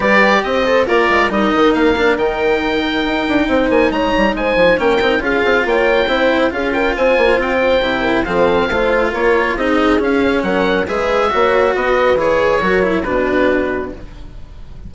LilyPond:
<<
  \new Staff \with { instrumentName = "oboe" } { \time 4/4 \tempo 4 = 138 d''4 dis''4 d''4 dis''4 | f''4 g''2.~ | g''8 gis''8 ais''4 gis''4 g''4 | f''4 g''2 f''8 g''8 |
gis''4 g''2 f''4~ | f''4 cis''4 dis''4 f''4 | fis''4 e''2 dis''4 | cis''2 b'2 | }
  \new Staff \with { instrumentName = "horn" } { \time 4/4 b'4 c''4 f'4 ais'4~ | ais'1 | c''4 cis''4 c''4 ais'4 | gis'4 cis''4 c''4 gis'8 ais'8 |
c''2~ c''8 ais'8 a'4 | c''4 ais'4 gis'2 | ais'4 b'4 cis''4 b'4~ | b'4 ais'4 fis'2 | }
  \new Staff \with { instrumentName = "cello" } { \time 4/4 g'4. a'8 ais'4 dis'4~ | dis'8 d'8 dis'2.~ | dis'2. cis'8 dis'8 | f'2 e'4 f'4~ |
f'2 e'4 c'4 | f'2 dis'4 cis'4~ | cis'4 gis'4 fis'2 | gis'4 fis'8 e'8 d'2 | }
  \new Staff \with { instrumentName = "bassoon" } { \time 4/4 g4 c'4 ais8 gis8 g8 dis8 | ais4 dis2 dis'8 d'8 | c'8 ais8 gis8 g8 gis8 f8 ais8 c'8 | cis'8 c'8 ais4 c'4 cis'4 |
c'8 ais8 c'4 c4 f4 | a4 ais4 c'4 cis'4 | fis4 gis4 ais4 b4 | e4 fis4 b,2 | }
>>